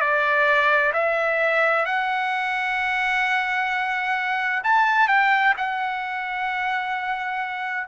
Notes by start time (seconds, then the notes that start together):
0.00 D5
0.93 E5
1.85 F#5
4.64 A5
5.08 G5
5.57 F#5